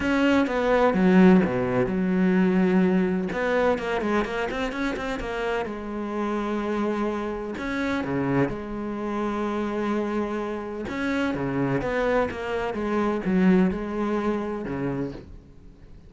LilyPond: \new Staff \with { instrumentName = "cello" } { \time 4/4 \tempo 4 = 127 cis'4 b4 fis4 b,4 | fis2. b4 | ais8 gis8 ais8 c'8 cis'8 c'8 ais4 | gis1 |
cis'4 cis4 gis2~ | gis2. cis'4 | cis4 b4 ais4 gis4 | fis4 gis2 cis4 | }